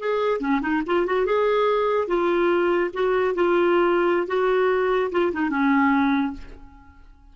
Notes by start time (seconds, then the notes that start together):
0.00 G#4
0.40 C#4
0.62 D#4
0.87 F4
1.07 F#4
1.26 G#4
2.08 F4
2.94 F#4
3.35 F4
4.28 F#4
5.12 F4
5.33 D#4
5.50 C#4